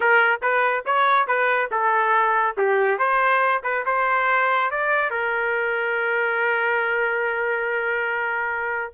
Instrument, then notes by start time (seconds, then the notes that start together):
trumpet
0.00 A#4
0.41 B4
0.85 C#5
1.27 B4
1.71 A4
2.57 G4
2.98 C5
3.63 B4
3.85 C5
4.70 D5
5.10 A#4